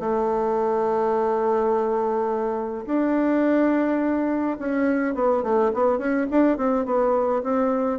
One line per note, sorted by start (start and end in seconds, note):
0.00 2.86 A3
2.87 4.58 D4
4.59 5.15 C#4
5.15 5.43 B3
5.43 5.72 A3
5.74 5.98 B3
5.98 6.27 C#4
6.31 6.58 D4
6.58 6.86 C4
6.86 7.43 B3
7.43 7.99 C4